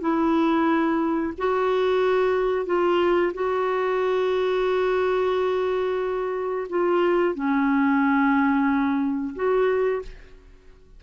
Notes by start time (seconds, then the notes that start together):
0.00 E4
1.38 F#4
2.66 F4
3.34 F#4
6.69 F4
7.35 C#4
9.35 F#4